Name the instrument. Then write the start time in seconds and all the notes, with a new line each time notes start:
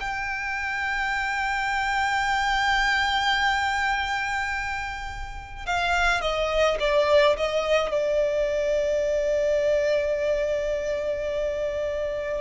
violin
0.00 G5
5.66 F5
6.21 D#5
6.80 D5
7.37 D#5
7.91 D5